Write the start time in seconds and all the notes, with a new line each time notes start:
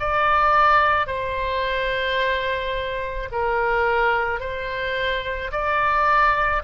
0.00 D5
1.08 C5
3.32 A#4
4.40 C5
5.52 D5